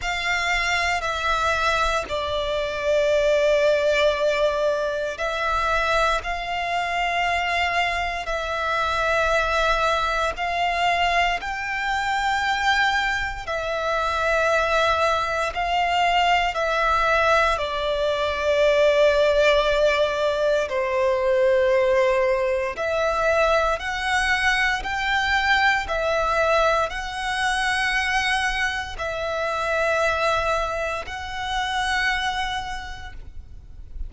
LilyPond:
\new Staff \with { instrumentName = "violin" } { \time 4/4 \tempo 4 = 58 f''4 e''4 d''2~ | d''4 e''4 f''2 | e''2 f''4 g''4~ | g''4 e''2 f''4 |
e''4 d''2. | c''2 e''4 fis''4 | g''4 e''4 fis''2 | e''2 fis''2 | }